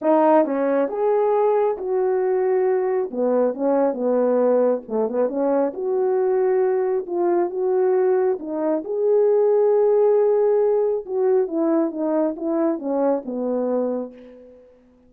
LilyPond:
\new Staff \with { instrumentName = "horn" } { \time 4/4 \tempo 4 = 136 dis'4 cis'4 gis'2 | fis'2. b4 | cis'4 b2 a8 b8 | cis'4 fis'2. |
f'4 fis'2 dis'4 | gis'1~ | gis'4 fis'4 e'4 dis'4 | e'4 cis'4 b2 | }